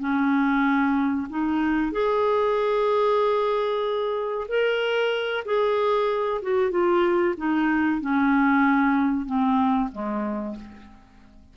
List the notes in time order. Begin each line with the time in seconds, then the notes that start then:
0.00 C#4
1.30 D#4
1.92 G#4
4.49 A#4
5.46 G#4
6.42 F#4
6.71 F4
7.38 D#4
8.01 C#4
9.26 C4
9.92 G#3